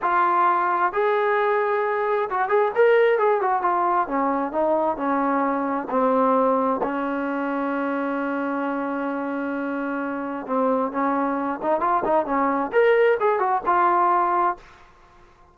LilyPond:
\new Staff \with { instrumentName = "trombone" } { \time 4/4 \tempo 4 = 132 f'2 gis'2~ | gis'4 fis'8 gis'8 ais'4 gis'8 fis'8 | f'4 cis'4 dis'4 cis'4~ | cis'4 c'2 cis'4~ |
cis'1~ | cis'2. c'4 | cis'4. dis'8 f'8 dis'8 cis'4 | ais'4 gis'8 fis'8 f'2 | }